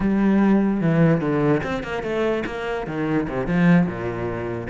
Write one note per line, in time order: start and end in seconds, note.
0.00 0.81 G3
0.81 1.20 E3
1.20 1.61 D3
1.63 1.83 C4
1.83 2.02 A#3
2.02 2.43 A3
2.46 2.86 A#3
2.86 3.27 D#3
3.28 3.46 C3
3.46 3.86 F3
3.86 4.68 A#2